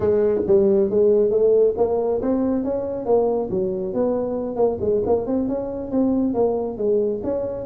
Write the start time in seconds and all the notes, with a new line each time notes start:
0.00 G#3
0.46 G3
0.90 G#3
1.30 A3
1.77 A#3
2.21 C4
2.63 C#4
3.05 A#3
3.50 F#3
3.93 B3
4.56 A#3
4.80 G#3
5.06 A#3
5.26 C4
5.48 C#4
5.91 C4
6.33 A#3
6.77 G#3
7.23 C#4